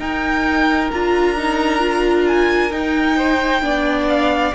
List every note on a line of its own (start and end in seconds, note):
0.00 0.91 D#4
0.00 0.92 D#4
0.00 3.17 A#4
0.00 0.91 G5
0.92 2.71 D4
0.92 1.37 F4
0.92 2.28 A#5
1.37 1.80 D#4
1.80 2.71 F4
2.28 2.72 G#5
2.71 3.62 D#4
2.71 4.09 G5
3.17 3.62 C5
3.62 4.53 B3
3.62 4.53 D4
3.62 4.55 D5
4.09 4.55 F5